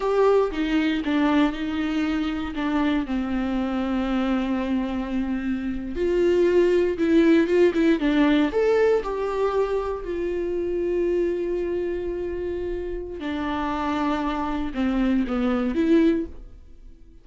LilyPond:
\new Staff \with { instrumentName = "viola" } { \time 4/4 \tempo 4 = 118 g'4 dis'4 d'4 dis'4~ | dis'4 d'4 c'2~ | c'2.~ c'8. f'16~ | f'4.~ f'16 e'4 f'8 e'8 d'16~ |
d'8. a'4 g'2 f'16~ | f'1~ | f'2 d'2~ | d'4 c'4 b4 e'4 | }